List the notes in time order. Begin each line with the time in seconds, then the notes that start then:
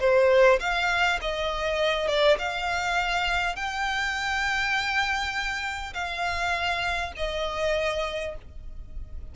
0.00 C5
0.60 F5
1.21 D#5
2.08 D5
2.39 F5
3.56 G5
5.94 F5
7.17 D#5